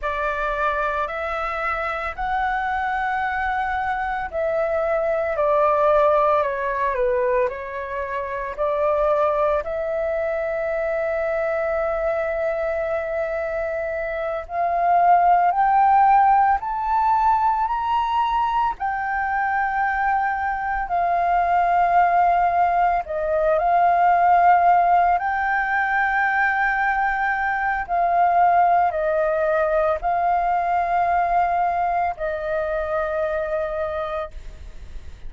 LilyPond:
\new Staff \with { instrumentName = "flute" } { \time 4/4 \tempo 4 = 56 d''4 e''4 fis''2 | e''4 d''4 cis''8 b'8 cis''4 | d''4 e''2.~ | e''4. f''4 g''4 a''8~ |
a''8 ais''4 g''2 f''8~ | f''4. dis''8 f''4. g''8~ | g''2 f''4 dis''4 | f''2 dis''2 | }